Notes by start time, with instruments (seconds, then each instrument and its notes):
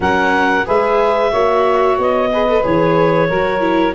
0.00 tuba F#3, viola C#4, saxophone A#4, clarinet F#5
0.65 tuba G#3, viola G#4, saxophone B4, clarinet E5
1.30 tuba A#3, viola F#4, saxophone C#5
1.98 tuba B3, clarinet D#5
2.31 viola G#4, saxophone B4
2.48 viola A4
2.62 tuba E3, viola G#4, clarinet C#5
3.28 tuba F#3, viola F#4, saxophone A#4
3.60 viola E4